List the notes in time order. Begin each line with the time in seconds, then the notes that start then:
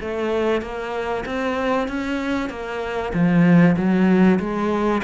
0.00 A3
0.62 A#3
1.26 C4
1.88 C#4
2.49 A#3
3.13 F3
3.76 F#3
4.39 G#3